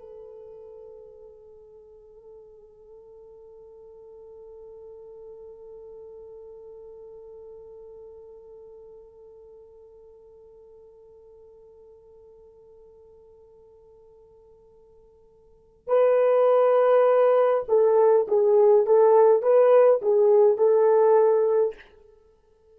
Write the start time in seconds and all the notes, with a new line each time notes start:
0.00 A4
15.88 B4
17.69 A4
18.28 G#4
18.87 A4
19.43 B4
20.02 G#4
20.58 A4